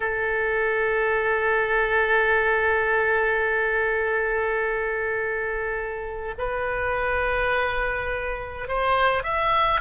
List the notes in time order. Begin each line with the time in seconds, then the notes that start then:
0.00 A4
6.37 B4
8.68 C5
9.23 E5